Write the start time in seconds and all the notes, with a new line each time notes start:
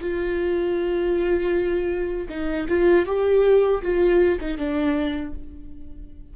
0.00 F4
2.29 D#4
2.68 F4
3.06 G4
3.82 F4
4.40 D#4
4.57 D4